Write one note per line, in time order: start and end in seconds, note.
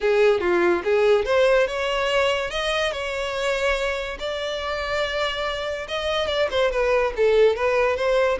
0.00 0.40 G#4
0.40 0.82 F4
0.84 1.25 G#4
1.25 1.67 C5
1.67 2.50 C#5
2.50 2.91 D#5
2.91 4.17 C#5
4.19 5.87 D5
5.88 6.27 D#5
6.27 6.48 D5
6.50 6.71 C5
6.71 7.13 B4
7.16 7.56 A4
7.56 7.96 B4
7.96 8.38 C5